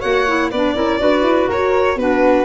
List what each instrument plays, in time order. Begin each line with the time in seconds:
0.00 tuba A#3, clarinet F#4, flute C#5, violin F#5
0.27 clarinet E4
0.50 tuba B3, clarinet D4, flute B4, violin D5
0.75 tuba C#4, clarinet E4, flute A#4
0.99 tuba D4, clarinet F#4, flute B4
1.22 tuba E4
1.48 tuba F#4, flute A#4, violin C#5
1.96 tuba B3, clarinet D4, flute F#4, violin B4